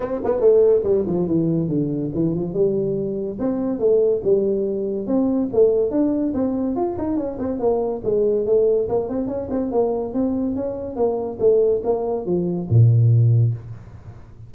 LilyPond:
\new Staff \with { instrumentName = "tuba" } { \time 4/4 \tempo 4 = 142 c'8 b8 a4 g8 f8 e4 | d4 e8 f8 g2 | c'4 a4 g2 | c'4 a4 d'4 c'4 |
f'8 dis'8 cis'8 c'8 ais4 gis4 | a4 ais8 c'8 cis'8 c'8 ais4 | c'4 cis'4 ais4 a4 | ais4 f4 ais,2 | }